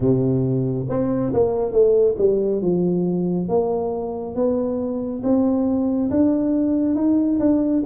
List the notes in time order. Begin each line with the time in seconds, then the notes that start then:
0.00 C3
0.89 C4
1.33 A#3
1.72 A3
2.17 G3
2.61 F3
3.48 A#3
4.35 B3
5.23 C4
6.10 D4
6.95 D#4
7.39 D4